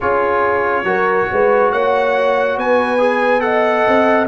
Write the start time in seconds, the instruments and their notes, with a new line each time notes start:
0.00 tuba C#4, trombone F4, horn G#4, trumpet C#5
0.83 tuba F#3, trombone F#4, horn A#4
1.31 tuba G#3, horn B4
1.71 tuba A#3, horn C#5, trumpet F#5
2.57 tuba B3, horn B4, trumpet G#5
2.98 trombone G#4
3.40 trombone A4, horn D#5, trumpet F#5
3.87 tuba C4